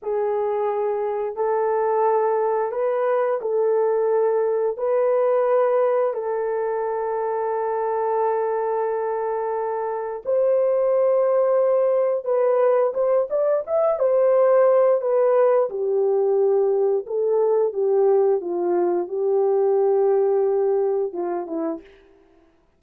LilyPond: \new Staff \with { instrumentName = "horn" } { \time 4/4 \tempo 4 = 88 gis'2 a'2 | b'4 a'2 b'4~ | b'4 a'2.~ | a'2. c''4~ |
c''2 b'4 c''8 d''8 | e''8 c''4. b'4 g'4~ | g'4 a'4 g'4 f'4 | g'2. f'8 e'8 | }